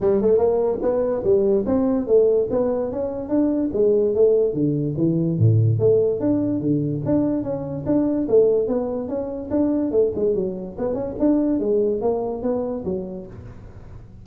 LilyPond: \new Staff \with { instrumentName = "tuba" } { \time 4/4 \tempo 4 = 145 g8 a8 ais4 b4 g4 | c'4 a4 b4 cis'4 | d'4 gis4 a4 d4 | e4 a,4 a4 d'4 |
d4 d'4 cis'4 d'4 | a4 b4 cis'4 d'4 | a8 gis8 fis4 b8 cis'8 d'4 | gis4 ais4 b4 fis4 | }